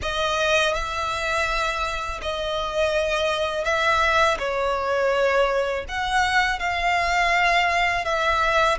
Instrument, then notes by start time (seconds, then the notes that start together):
violin
0.02 D#5
0.74 E5
2.22 D#5
3.64 E5
4.38 C#5
5.88 F#5
6.59 F5
8.04 E5